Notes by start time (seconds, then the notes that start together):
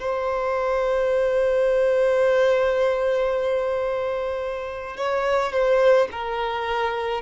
0.00 C5
4.97 C#5
5.53 C5
6.12 A#4